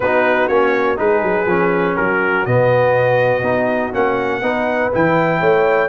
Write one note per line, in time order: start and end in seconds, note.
0.00 0.48 B3
0.00 0.51 D#4
0.00 1.00 F#4
0.00 0.47 B4
0.47 0.97 A#3
0.47 0.96 C#4
0.47 0.97 C#5
0.96 1.22 G#3
0.96 1.45 D#4
0.96 1.95 G#4
0.96 1.96 B4
1.22 1.45 F#3
1.45 1.95 F3
1.45 2.46 C#4
1.95 2.46 F#3
1.95 4.41 F#4
1.95 2.45 A#4
2.45 3.41 B2
2.45 3.43 B3
2.45 3.93 D#5
3.41 3.90 B3
3.41 3.92 D#4
3.92 4.42 A#3
3.92 4.41 C#4
3.92 4.92 F#5
4.42 4.91 B3
4.42 4.92 D#4
4.42 5.39 B4
4.92 5.41 E3
4.92 5.89 E4
4.92 5.89 G5
5.39 5.89 A3
5.39 5.89 C#5